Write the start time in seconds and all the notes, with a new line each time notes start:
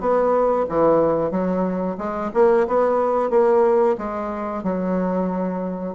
0.00 B3
0.69 E3
1.31 F#3
1.98 G#3
2.34 A#3
2.67 B3
3.30 A#3
3.98 G#3
4.63 F#3